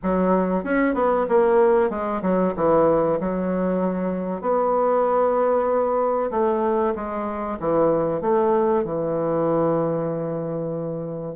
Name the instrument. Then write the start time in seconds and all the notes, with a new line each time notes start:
bassoon
0.03 F#3
0.64 C#4
0.94 B3
1.28 A#3
1.89 G#3
2.21 F#3
2.56 E3
3.20 F#3
4.41 B3
6.30 A3
6.95 G#3
7.59 E3
8.21 A3
8.84 E3